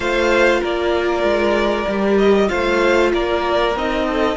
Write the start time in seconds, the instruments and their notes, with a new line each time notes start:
0.00 cello A3, viola F4, violin C5 F5
0.60 cello A#3, violin A#4 D5
1.23 cello G#3
1.87 cello G3, viola G4
2.17 violin D#5
2.48 cello A3, viola F4, violin C5 F5
3.13 cello A#3, violin A#4 D5
3.75 cello C4, viola D#4, violin D#5
4.06 violin A4